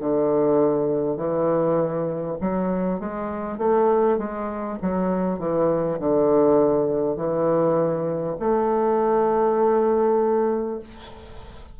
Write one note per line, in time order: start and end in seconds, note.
0.00 1.17 D3
1.17 2.37 E3
2.41 2.99 F#3
2.99 3.58 G#3
3.58 4.18 A3
4.18 4.78 G#3
4.82 5.38 F#3
5.38 5.98 E3
5.99 7.16 D3
7.16 8.36 E3
8.39 10.79 A3